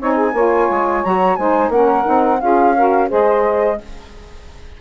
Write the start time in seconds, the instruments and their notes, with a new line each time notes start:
0.00 bassoon C4, saxophone D#4 C#5, flute G#5
0.15 saxophone G#4
0.34 bassoon A#3, saxophone F4 C#5
0.71 bassoon G#3
1.04 bassoon F#3, saxophone F#4, flute A#5
1.36 bassoon G#3, saxophone D#4 C5, flute G#5
1.69 bassoon A#3, saxophone C#4 A#4, flute F#5
2.05 bassoon C4, saxophone D#4
2.41 bassoon C#4, saxophone F4 G#4, flute F5
2.76 saxophone F#4 A#4
3.09 bassoon G#3, saxophone G#4 C5, flute D#5